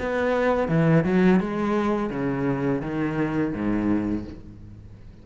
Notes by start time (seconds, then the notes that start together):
0.00 B3
0.69 E3
1.05 F#3
1.40 G#3
2.10 C#3
2.82 D#3
3.54 G#2